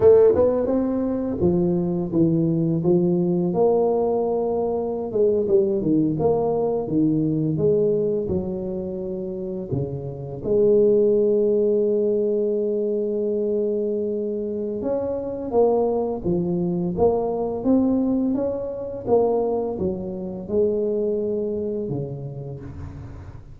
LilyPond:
\new Staff \with { instrumentName = "tuba" } { \time 4/4 \tempo 4 = 85 a8 b8 c'4 f4 e4 | f4 ais2~ ais16 gis8 g16~ | g16 dis8 ais4 dis4 gis4 fis16~ | fis4.~ fis16 cis4 gis4~ gis16~ |
gis1~ | gis4 cis'4 ais4 f4 | ais4 c'4 cis'4 ais4 | fis4 gis2 cis4 | }